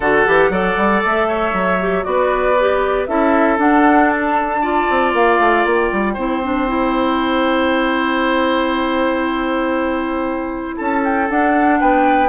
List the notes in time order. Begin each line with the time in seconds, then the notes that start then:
0.00 D3 F#4 A4 F#5
0.26 E3 G4
0.49 F#3 A4 D5
0.76 G3
1.03 A3 E5
1.27 C#5
1.53 F#3
1.80 G4
2.03 B3 F#4 B4 D5
2.59 G4
3.06 C#4 E4 A4 E5
3.58 D4 F#5
4.10 A5
4.61 F4 D5
4.89 C4
5.13 A#3 F5
5.39 A3
5.64 A#3 G5
5.92 G3
6.13 C4 E4 C5
6.43 D4
6.67 E4
10.76 C#4 A4 A5
11.03 G5
11.29 D4 F#5
11.80 B3 B4 G5